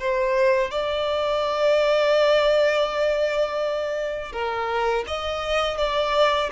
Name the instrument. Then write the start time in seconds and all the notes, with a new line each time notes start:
violin
0.00 C5
0.71 D5
4.33 A#4
5.08 D#5
5.78 D5